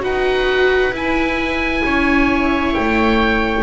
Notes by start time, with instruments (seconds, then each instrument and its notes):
0.00 double bass D#4, viola F#4 B4, oboe F#5
0.91 double bass E4, viola E4, oboe G#5
1.84 double bass C#4, viola C#5
2.74 double bass A3, oboe G5